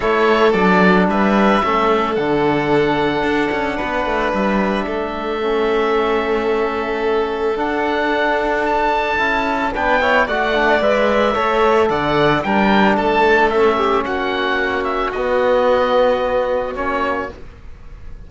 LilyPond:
<<
  \new Staff \with { instrumentName = "oboe" } { \time 4/4 \tempo 4 = 111 cis''4 d''4 e''2 | fis''1 | e''1~ | e''2 fis''2 |
a''2 g''4 fis''4 | e''2 fis''4 g''4 | a''4 e''4 fis''4. e''8 | dis''2. cis''4 | }
  \new Staff \with { instrumentName = "violin" } { \time 4/4 a'2 b'4 a'4~ | a'2. b'4~ | b'4 a'2.~ | a'1~ |
a'2 b'8 cis''8 d''4~ | d''4 cis''4 d''4 ais'4 | a'4. g'8 fis'2~ | fis'1 | }
  \new Staff \with { instrumentName = "trombone" } { \time 4/4 e'4 d'2 cis'4 | d'1~ | d'2 cis'2~ | cis'2 d'2~ |
d'4 e'4 d'8 e'8 fis'8 d'8 | b'4 a'2 d'4~ | d'4 cis'2. | b2. cis'4 | }
  \new Staff \with { instrumentName = "cello" } { \time 4/4 a4 fis4 g4 a4 | d2 d'8 cis'8 b8 a8 | g4 a2.~ | a2 d'2~ |
d'4 cis'4 b4 a4 | gis4 a4 d4 g4 | a2 ais2 | b2. ais4 | }
>>